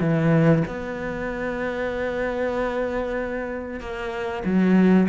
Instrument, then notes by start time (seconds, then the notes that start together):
cello
0.00 E3
0.67 B3
3.80 A#3
4.45 F#3